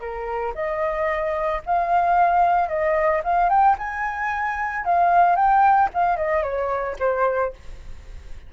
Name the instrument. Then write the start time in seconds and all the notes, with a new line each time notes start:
flute
0.00 A#4
0.55 D#5
1.66 F5
2.68 D#5
3.24 F5
3.50 G5
3.78 G#5
4.85 F5
5.36 G5
5.94 F5
6.16 D#5
6.43 C#5
7.00 C5